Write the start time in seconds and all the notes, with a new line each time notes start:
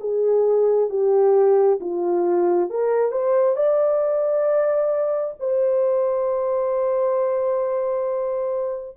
0.00 G#4
0.90 G4
1.81 F4
2.70 A#4
3.12 C5
3.56 D5
5.40 C5